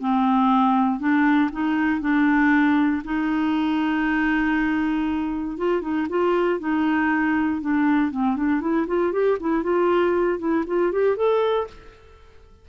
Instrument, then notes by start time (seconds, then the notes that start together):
clarinet
0.00 C4
1.00 D4
1.52 D#4
2.01 D4
3.05 D#4
5.58 F4
5.82 D#4
6.09 F4
6.60 D#4
7.62 D4
8.12 C4
8.37 D4
8.61 E4
8.87 F4
9.13 G4
9.40 E4
9.64 F4
10.39 E4
10.67 F4
10.93 G4
11.17 A4